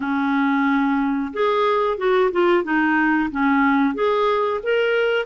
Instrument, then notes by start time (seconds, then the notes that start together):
clarinet
0.00 C#4
1.33 G#4
1.97 F#4
2.31 F4
2.63 D#4
3.31 C#4
3.94 G#4
4.63 A#4